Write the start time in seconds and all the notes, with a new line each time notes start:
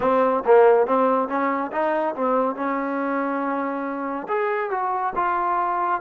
0.00 C4
0.45 A#3
0.86 C4
1.28 C#4
1.71 D#4
2.15 C4
2.55 C#4
4.27 G#4
4.70 F#4
5.15 F4